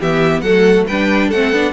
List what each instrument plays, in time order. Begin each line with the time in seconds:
0.00 cello E3, viola B3, violin G4 E5
0.41 cello F#3, viola A3, violin A4 F#5
0.87 cello G3, viola D4, violin B4 G5
1.28 cello A3, viola C4, violin A4 F#5
1.52 cello B3, viola D4